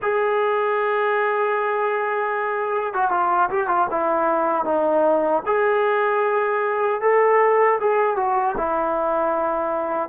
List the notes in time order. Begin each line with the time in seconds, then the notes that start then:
0.02 G#4
2.93 F#4
3.10 F4
3.50 G4
3.67 F4
3.91 E4
4.64 D#4
5.45 G#4
7.01 A4
7.80 G#4
8.16 F#4
8.57 E4